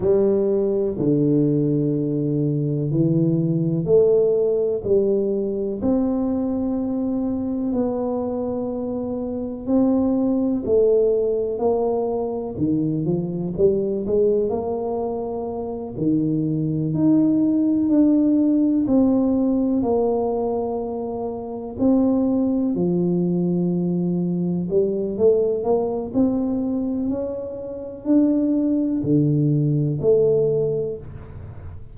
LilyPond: \new Staff \with { instrumentName = "tuba" } { \time 4/4 \tempo 4 = 62 g4 d2 e4 | a4 g4 c'2 | b2 c'4 a4 | ais4 dis8 f8 g8 gis8 ais4~ |
ais8 dis4 dis'4 d'4 c'8~ | c'8 ais2 c'4 f8~ | f4. g8 a8 ais8 c'4 | cis'4 d'4 d4 a4 | }